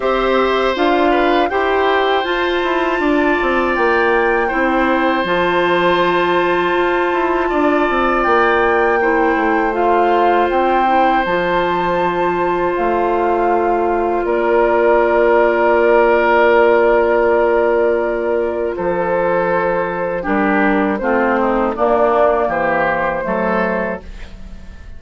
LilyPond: <<
  \new Staff \with { instrumentName = "flute" } { \time 4/4 \tempo 4 = 80 e''4 f''4 g''4 a''4~ | a''4 g''2 a''4~ | a''2. g''4~ | g''4 f''4 g''4 a''4~ |
a''4 f''2 d''4~ | d''1~ | d''4 c''2 ais'4 | c''4 d''4 c''2 | }
  \new Staff \with { instrumentName = "oboe" } { \time 4/4 c''4. b'8 c''2 | d''2 c''2~ | c''2 d''2 | c''1~ |
c''2. ais'4~ | ais'1~ | ais'4 a'2 g'4 | f'8 dis'8 d'4 g'4 a'4 | }
  \new Staff \with { instrumentName = "clarinet" } { \time 4/4 g'4 f'4 g'4 f'4~ | f'2 e'4 f'4~ | f'1 | e'4 f'4. e'8 f'4~ |
f'1~ | f'1~ | f'2. d'4 | c'4 ais2 a4 | }
  \new Staff \with { instrumentName = "bassoon" } { \time 4/4 c'4 d'4 e'4 f'8 e'8 | d'8 c'8 ais4 c'4 f4~ | f4 f'8 e'8 d'8 c'8 ais4~ | ais8 a4. c'4 f4~ |
f4 a2 ais4~ | ais1~ | ais4 f2 g4 | a4 ais4 e4 fis4 | }
>>